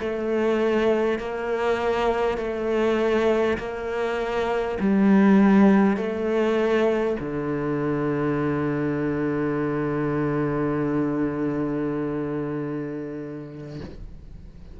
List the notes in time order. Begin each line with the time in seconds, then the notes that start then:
0.00 A3
1.18 A#3
2.38 A3
3.58 A#3
4.80 G3
5.97 A3
7.20 D3